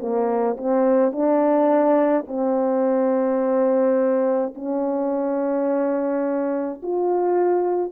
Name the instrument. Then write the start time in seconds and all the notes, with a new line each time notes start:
horn
0.00 A#3
0.58 C4
1.12 D4
2.27 C4
4.55 C#4
6.82 F4